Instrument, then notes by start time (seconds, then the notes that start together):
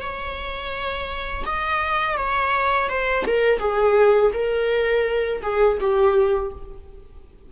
viola
0.00 C#5
1.46 D#5
2.17 C#5
2.89 C5
3.26 A#4
3.59 G#4
4.33 A#4
5.42 G#4
5.80 G4